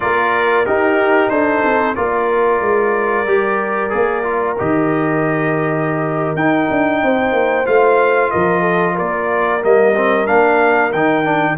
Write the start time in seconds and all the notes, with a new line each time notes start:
0.00 A#3 F4 A#4 D5
0.65 D#4 G4 A#4
1.29 D4 A4 C5
1.64 C4
1.95 A#3 F4 A#4 D5
2.61 G#3
3.26 G3 G4
3.90 A#3 G#4
4.23 F4
4.58 D#3 G4 D#5
6.34 D#4 G5
6.70 D4
7.02 C4 C5
7.32 A#3
7.65 A3 F4 F5
8.30 F3 A#4 D#5
8.60 A4
8.95 A#3 A#4 D5
9.62 G3 A#3 D#5
9.95 C4
10.26 A#3 D4 F5
10.92 D#3 D#4 G5
11.24 D4